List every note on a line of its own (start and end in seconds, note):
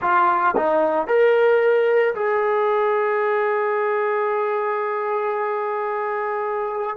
0.01 0.55 F4
0.56 1.07 D#4
1.07 2.14 A#4
2.14 6.96 G#4